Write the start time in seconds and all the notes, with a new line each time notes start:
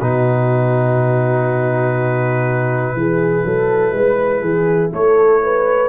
0.00 B2 D#4 F#4 B4
2.94 E3 E4 G#4
3.44 F#3 A4
3.92 G#3 B4
4.41 E3 G#4
4.94 A3 A4 C#5
5.43 B4